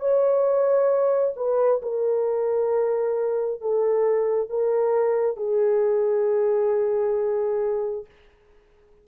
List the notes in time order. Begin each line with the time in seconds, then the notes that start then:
0.00 C#5
1.37 B4
1.83 A#4
3.61 A4
4.50 A#4
5.37 G#4